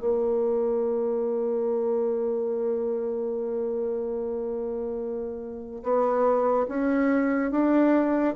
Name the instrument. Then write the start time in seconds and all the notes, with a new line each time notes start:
bassoon
0.00 A#3
5.84 B3
6.69 C#4
7.52 D4